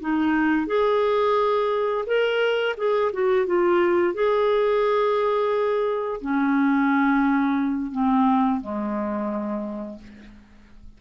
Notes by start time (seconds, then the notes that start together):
0.00 D#4
0.66 G#4
2.06 A#4
2.77 G#4
3.13 F#4
3.46 F4
4.13 G#4
6.21 C#4
7.91 C4
8.60 G#3